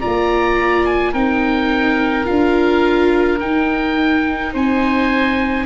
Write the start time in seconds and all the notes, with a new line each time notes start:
0.00 A#3 F4 D5 A#5
0.85 G#5
1.12 C4 D#4 A#4 G5
2.24 D4 F4 F5
3.40 D#4 G5
4.53 C4 C5 G#5